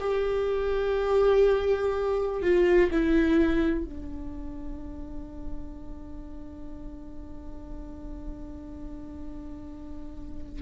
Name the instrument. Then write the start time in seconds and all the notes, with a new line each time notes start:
viola
0.00 G4
2.42 F4
2.91 E4
3.84 D4